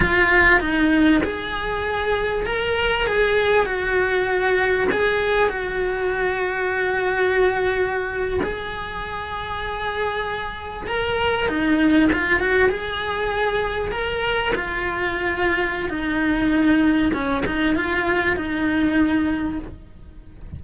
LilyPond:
\new Staff \with { instrumentName = "cello" } { \time 4/4 \tempo 4 = 98 f'4 dis'4 gis'2 | ais'4 gis'4 fis'2 | gis'4 fis'2.~ | fis'4.~ fis'16 gis'2~ gis'16~ |
gis'4.~ gis'16 ais'4 dis'4 f'16~ | f'16 fis'8 gis'2 ais'4 f'16~ | f'2 dis'2 | cis'8 dis'8 f'4 dis'2 | }